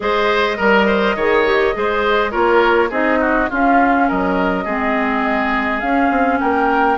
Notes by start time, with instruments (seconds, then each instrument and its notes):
0.00 bassoon G#3, clarinet G#4, oboe C5, flute D#5
0.57 bassoon G3, oboe A#4, clarinet A#4
0.86 oboe C5
1.15 bassoon D#3, clarinet G#4, oboe C#5
1.45 clarinet G4
1.73 bassoon G#3, clarinet G#4, oboe C5
2.31 bassoon A#3, clarinet F4, oboe A#4, flute C#5
2.89 bassoon C4, clarinet D#4, oboe G#4, flute D#5
3.20 oboe F#4
3.49 clarinet C#4, bassoon C#4, oboe F4, flute F5
4.07 bassoon F#3, oboe A#4, flute D#5
4.64 bassoon G#3, clarinet C4, oboe G#4
5.80 bassoon C#4, clarinet C#4, flute F5
6.10 bassoon C4
6.40 bassoon A#3, oboe A#4, flute G5